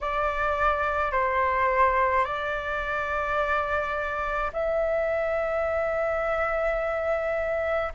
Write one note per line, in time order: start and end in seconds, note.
0.01 1.11 D5
1.11 2.24 C5
2.24 4.51 D5
4.52 7.92 E5